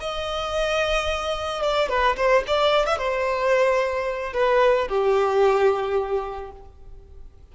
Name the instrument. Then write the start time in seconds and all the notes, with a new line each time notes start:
violin
0.00 D#5
1.62 D5
1.89 B4
2.16 C5
2.47 D5
2.86 E5
2.98 C5
4.33 B4
4.88 G4